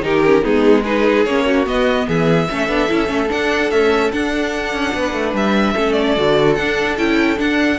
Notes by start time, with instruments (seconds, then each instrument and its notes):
0.00 cello D#3, viola D#4, violin G4 A#4
0.25 viola C#4
0.42 cello G#3, viola B3, violin D#4 G#4
0.83 viola D#4, violin G#4 B4
1.24 cello A#3, viola C#4, violin C#5
1.45 violin F#4
1.65 viola B3, cello B3, violin D#5
2.08 cello E3, violin G#4 E5
2.49 cello A3, viola C#4, violin A4
2.68 cello B3, viola D4
2.88 cello C#4, viola E4
3.06 cello A3, viola C#4
3.28 viola D4, cello D4, violin F#5
3.70 viola A3, cello C#4, violin E5
4.11 viola D4, cello D4, violin F#5
4.73 cello C#4
4.94 cello B3, violin B4
5.13 cello A3
5.33 cello G3, violin E5
5.74 cello A3, viola C#4, violin A4
5.92 violin D5
6.16 cello D3, viola F#4
6.55 cello D4, viola D4, violin F#5
6.98 cello C#4, viola E4, violin G5
7.36 viola D4, cello D4, violin F#5